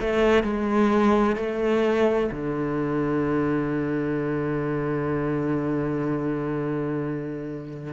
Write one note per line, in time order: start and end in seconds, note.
0.00 0.43 A3
0.43 1.36 G#3
1.36 2.30 A3
2.31 7.93 D3